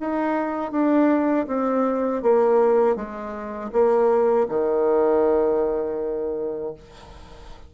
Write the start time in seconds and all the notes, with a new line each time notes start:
0.00 D#4
0.72 D4
1.48 C4
2.23 A#3
2.96 G#3
3.73 A#3
4.49 D#3